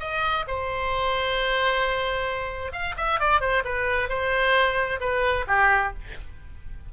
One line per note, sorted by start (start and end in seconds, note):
0.00 0.45 D#5
0.48 2.72 C5
2.72 2.95 F5
2.97 3.20 E5
3.20 3.41 D5
3.41 3.63 C5
3.65 4.09 B4
4.09 5.00 C5
5.00 5.46 B4
5.48 5.93 G4